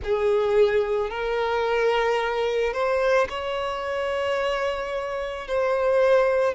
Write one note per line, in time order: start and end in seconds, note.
0.03 1.10 G#4
1.10 2.73 A#4
2.73 3.27 C5
3.29 5.47 C#5
5.47 6.54 C5